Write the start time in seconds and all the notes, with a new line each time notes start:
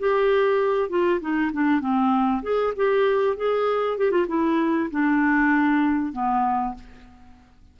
0.00 G4
0.90 F4
1.21 D#4
1.53 D4
1.81 C4
2.43 G#4
2.77 G4
3.37 G#4
3.98 G4
4.11 F4
4.28 E4
4.91 D4
6.13 B3